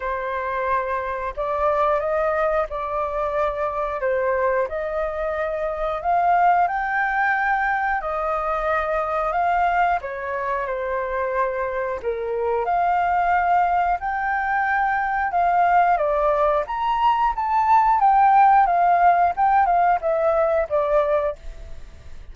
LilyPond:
\new Staff \with { instrumentName = "flute" } { \time 4/4 \tempo 4 = 90 c''2 d''4 dis''4 | d''2 c''4 dis''4~ | dis''4 f''4 g''2 | dis''2 f''4 cis''4 |
c''2 ais'4 f''4~ | f''4 g''2 f''4 | d''4 ais''4 a''4 g''4 | f''4 g''8 f''8 e''4 d''4 | }